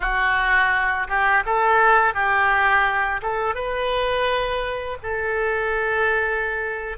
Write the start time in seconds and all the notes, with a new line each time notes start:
0.00 F#4
1.07 G4
1.45 A4
2.14 G4
3.21 A4
3.54 B4
5.03 A4